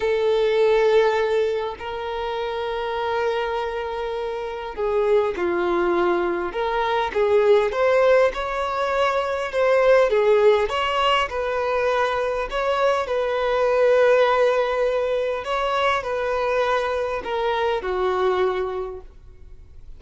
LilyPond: \new Staff \with { instrumentName = "violin" } { \time 4/4 \tempo 4 = 101 a'2. ais'4~ | ais'1 | gis'4 f'2 ais'4 | gis'4 c''4 cis''2 |
c''4 gis'4 cis''4 b'4~ | b'4 cis''4 b'2~ | b'2 cis''4 b'4~ | b'4 ais'4 fis'2 | }